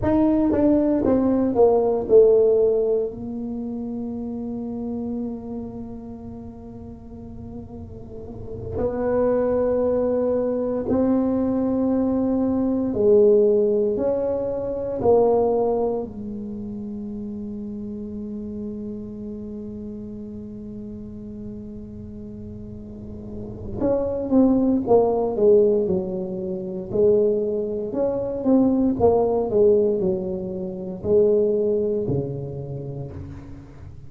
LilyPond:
\new Staff \with { instrumentName = "tuba" } { \time 4/4 \tempo 4 = 58 dis'8 d'8 c'8 ais8 a4 ais4~ | ais1~ | ais8 b2 c'4.~ | c'8 gis4 cis'4 ais4 gis8~ |
gis1~ | gis2. cis'8 c'8 | ais8 gis8 fis4 gis4 cis'8 c'8 | ais8 gis8 fis4 gis4 cis4 | }